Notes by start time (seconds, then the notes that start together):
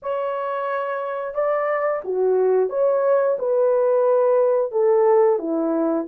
0.02 C#5
1.34 D5
2.04 F#4
2.69 C#5
3.39 B4
4.71 A4
5.38 E4